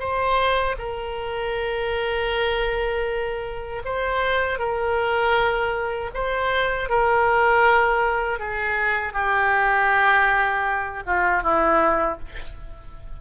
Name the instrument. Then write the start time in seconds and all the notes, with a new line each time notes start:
oboe
0.00 C5
0.79 A#4
3.85 C5
4.59 A#4
6.14 C5
6.89 A#4
8.39 G#4
9.13 G4
11.06 F4
11.43 E4